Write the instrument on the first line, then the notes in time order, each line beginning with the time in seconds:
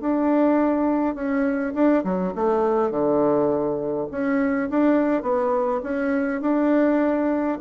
bassoon
0.00 D4
1.15 C#4
1.74 D4
2.04 F#3
2.35 A3
2.91 D3
4.11 C#4
4.70 D4
5.22 B3
5.83 C#4
6.41 D4